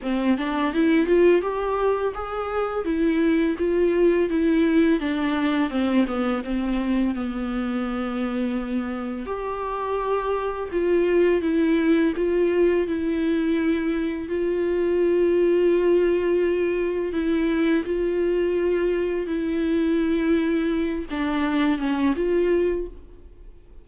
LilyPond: \new Staff \with { instrumentName = "viola" } { \time 4/4 \tempo 4 = 84 c'8 d'8 e'8 f'8 g'4 gis'4 | e'4 f'4 e'4 d'4 | c'8 b8 c'4 b2~ | b4 g'2 f'4 |
e'4 f'4 e'2 | f'1 | e'4 f'2 e'4~ | e'4. d'4 cis'8 f'4 | }